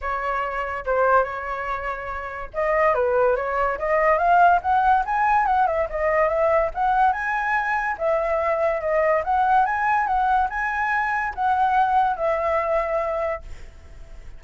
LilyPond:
\new Staff \with { instrumentName = "flute" } { \time 4/4 \tempo 4 = 143 cis''2 c''4 cis''4~ | cis''2 dis''4 b'4 | cis''4 dis''4 f''4 fis''4 | gis''4 fis''8 e''8 dis''4 e''4 |
fis''4 gis''2 e''4~ | e''4 dis''4 fis''4 gis''4 | fis''4 gis''2 fis''4~ | fis''4 e''2. | }